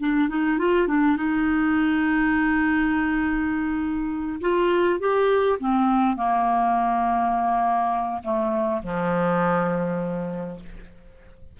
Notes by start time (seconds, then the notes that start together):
0.00 D4
0.29 D#4
0.59 F4
0.88 D4
1.17 D#4
4.41 F4
5.00 G4
5.60 C4
6.17 A#3
8.24 A3
8.83 F3